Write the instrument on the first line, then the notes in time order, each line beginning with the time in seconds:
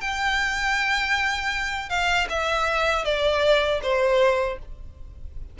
violin
0.00 G5
1.89 F5
2.29 E5
3.04 D5
3.82 C5